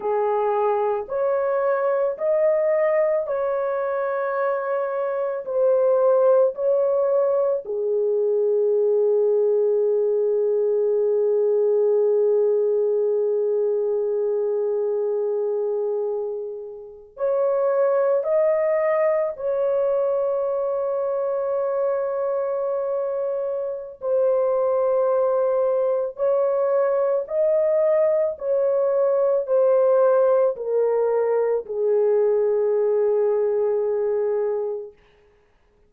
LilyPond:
\new Staff \with { instrumentName = "horn" } { \time 4/4 \tempo 4 = 55 gis'4 cis''4 dis''4 cis''4~ | cis''4 c''4 cis''4 gis'4~ | gis'1~ | gis'2.~ gis'8. cis''16~ |
cis''8. dis''4 cis''2~ cis''16~ | cis''2 c''2 | cis''4 dis''4 cis''4 c''4 | ais'4 gis'2. | }